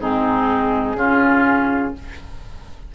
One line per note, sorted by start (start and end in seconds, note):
0.00 0.95 G#2
0.00 0.97 C4
0.00 0.97 D#4
0.00 1.95 G#4
0.95 1.92 C#3
0.95 1.94 C#4
0.95 1.95 F4